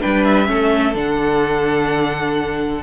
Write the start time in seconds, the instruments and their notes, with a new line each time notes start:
0.00 cello G3, viola D4, violin B4 G5
0.24 violin E5
0.46 cello A3, viola C#4, violin A4
0.95 cello D3, viola D4, violin F#5